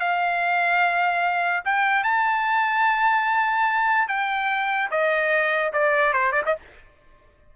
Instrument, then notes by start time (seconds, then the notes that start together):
trumpet
0.00 F5
1.65 G5
2.04 A5
4.08 G5
4.91 D#5
5.73 D5
6.13 C5
6.32 D5
6.45 D#5